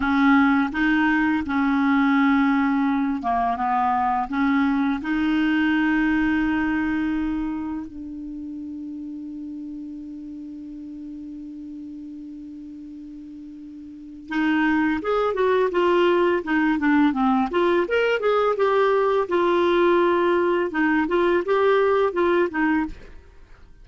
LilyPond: \new Staff \with { instrumentName = "clarinet" } { \time 4/4 \tempo 4 = 84 cis'4 dis'4 cis'2~ | cis'8 ais8 b4 cis'4 dis'4~ | dis'2. d'4~ | d'1~ |
d'1 | dis'4 gis'8 fis'8 f'4 dis'8 d'8 | c'8 f'8 ais'8 gis'8 g'4 f'4~ | f'4 dis'8 f'8 g'4 f'8 dis'8 | }